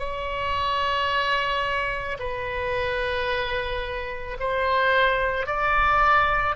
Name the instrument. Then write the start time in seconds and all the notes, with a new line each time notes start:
oboe
0.00 C#5
2.20 B4
4.40 C5
5.47 D5